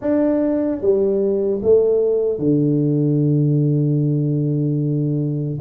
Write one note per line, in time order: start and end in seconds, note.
0.01 0.81 D4
0.81 1.61 G3
1.62 2.39 A3
2.39 5.59 D3